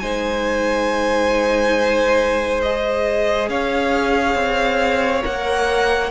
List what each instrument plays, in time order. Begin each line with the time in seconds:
0.00 cello G#3, viola D#4, violin C5 G#5
2.62 viola G#4, violin D#5
3.49 cello C#4, violin C#5 F5
4.36 cello C4
5.22 cello A#3, viola A#4, violin F#5